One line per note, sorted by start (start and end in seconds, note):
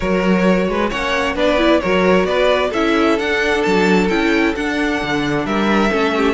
0.00 0.68 F#3
0.00 0.90 F#4
0.00 0.68 A#4
0.00 0.89 C#5
0.68 0.91 G#3
0.68 0.90 B4
0.90 1.35 A#3
0.90 1.35 C#4
0.90 1.35 C#5
0.90 1.35 F#5
1.35 1.80 B3
1.35 1.57 D4
1.35 1.80 B4
1.35 1.80 D5
1.57 1.80 E4
1.80 2.24 F#3
1.80 2.73 F#4
1.80 2.27 A#4
1.80 2.25 C#5
2.24 2.69 B3
2.24 2.69 B4
2.24 2.71 D5
2.69 3.18 C#4
2.69 3.19 E4
2.69 5.42 A4
2.69 3.18 E5
3.18 3.64 D4
3.18 4.09 D4
3.18 3.62 F#5
3.62 4.09 F#3
3.62 4.07 A5
4.09 4.54 C#4
4.09 4.55 E4
4.09 4.54 G5
4.55 5.01 D4
4.55 5.91 D4
4.55 5.45 F#5
5.02 5.45 D3
5.45 5.90 G3
5.45 5.91 A#4
5.45 6.33 E5
5.91 6.33 A3
5.91 6.33 C#4
5.91 6.14 A4
6.17 6.33 G4